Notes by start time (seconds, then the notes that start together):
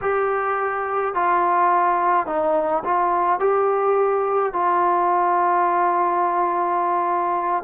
0.01 G4
1.14 F4
2.26 D#4
2.84 F4
3.39 G4
4.52 F4